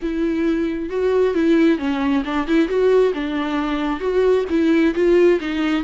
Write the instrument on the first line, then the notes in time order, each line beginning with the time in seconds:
viola
0.02 E4
0.89 F#4
1.34 E4
1.78 C#4
2.24 D4
2.47 E4
2.68 F#4
3.14 D4
4.00 F#4
4.49 E4
4.94 F4
5.40 D#4